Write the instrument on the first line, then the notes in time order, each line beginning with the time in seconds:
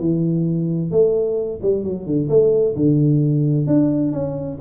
tuba
0.00 E3
0.92 A3
1.63 G3
1.84 F#3
2.06 D3
2.30 A3
2.76 D3
3.67 D4
4.13 C#4